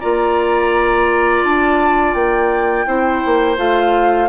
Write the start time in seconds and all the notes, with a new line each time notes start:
0.00 A#3 F4 D5 A#5
1.43 D4 A5
2.13 A#3 G5
2.86 C4 E4 C5
3.25 A#3
3.57 A3 F4 F5